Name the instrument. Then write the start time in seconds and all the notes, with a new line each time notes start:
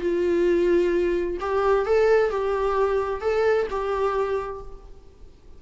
viola
0.00 F4
1.40 G4
1.85 A4
2.30 G4
3.21 A4
3.70 G4